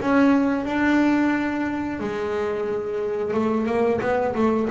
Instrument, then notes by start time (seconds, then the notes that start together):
double bass
0.00 C#4
0.65 D4
2.00 G#3
3.34 A3
3.66 A#3
4.01 B3
4.35 A3